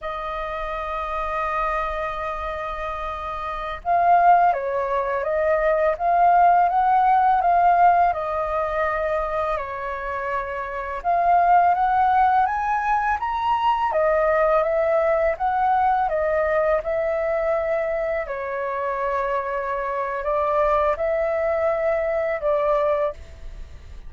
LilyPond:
\new Staff \with { instrumentName = "flute" } { \time 4/4 \tempo 4 = 83 dis''1~ | dis''4~ dis''16 f''4 cis''4 dis''8.~ | dis''16 f''4 fis''4 f''4 dis''8.~ | dis''4~ dis''16 cis''2 f''8.~ |
f''16 fis''4 gis''4 ais''4 dis''8.~ | dis''16 e''4 fis''4 dis''4 e''8.~ | e''4~ e''16 cis''2~ cis''8. | d''4 e''2 d''4 | }